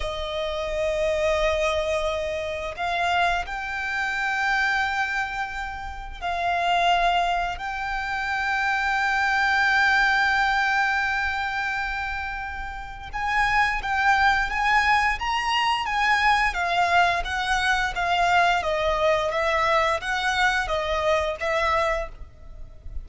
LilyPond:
\new Staff \with { instrumentName = "violin" } { \time 4/4 \tempo 4 = 87 dis''1 | f''4 g''2.~ | g''4 f''2 g''4~ | g''1~ |
g''2. gis''4 | g''4 gis''4 ais''4 gis''4 | f''4 fis''4 f''4 dis''4 | e''4 fis''4 dis''4 e''4 | }